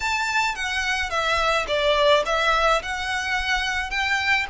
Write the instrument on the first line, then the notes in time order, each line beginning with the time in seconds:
violin
0.00 A5
0.55 F#5
1.09 E5
1.67 D5
2.25 E5
2.82 F#5
3.90 G5